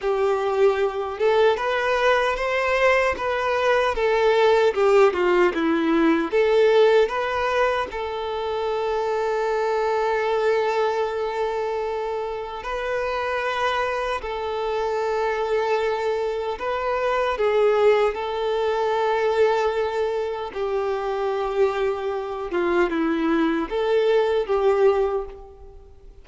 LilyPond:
\new Staff \with { instrumentName = "violin" } { \time 4/4 \tempo 4 = 76 g'4. a'8 b'4 c''4 | b'4 a'4 g'8 f'8 e'4 | a'4 b'4 a'2~ | a'1 |
b'2 a'2~ | a'4 b'4 gis'4 a'4~ | a'2 g'2~ | g'8 f'8 e'4 a'4 g'4 | }